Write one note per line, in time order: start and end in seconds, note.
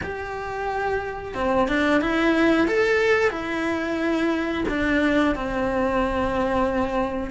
0.03 1.34 G4
1.34 1.68 C4
1.68 2.01 D4
2.01 2.67 E4
2.67 3.30 A4
3.30 4.63 E4
4.68 5.35 D4
5.35 7.30 C4